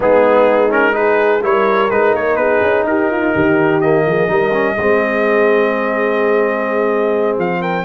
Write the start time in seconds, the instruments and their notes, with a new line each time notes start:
0.00 tuba G#3, trombone B3, horn D#4, trumpet G#4
0.69 trombone C#4, trumpet A#4
0.92 trombone D#4, horn G#4, trumpet B4
1.42 tuba G3, trombone E4, horn A#4, trumpet C#5
1.90 tuba G#3, trombone D#4, trumpet B4
2.14 tuba A#3, trumpet C#5
2.35 tuba B3, horn G#4, trumpet B4
2.61 tuba C#4
2.83 tuba D#4, horn G4, trumpet A#4
3.10 horn F4
3.33 tuba D#3, horn G4
3.81 trombone A#3, trumpet D#5
4.06 tuba F3, horn G#4
4.27 tuba G3, trombone D#4, horn A#4
4.52 trombone C#4
4.74 tuba G#3, horn G#4
4.81 trombone C4
7.37 tuba F3, trumpet F5
7.60 horn A#4, trumpet G5